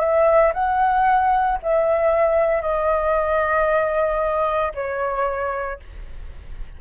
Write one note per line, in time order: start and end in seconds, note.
0.00 0.53 E5
0.54 1.59 F#5
1.63 2.62 E5
2.62 4.73 D#5
4.75 5.80 C#5